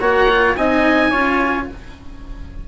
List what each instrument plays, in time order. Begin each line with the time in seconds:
0.00 bassoon A#3, cello F#4, trumpet C#5, oboe F#5
0.29 cello F4
0.56 bassoon C4, cello D#4, trumpet D#5, oboe G#5
1.10 bassoon C#4, cello F4, trumpet C#5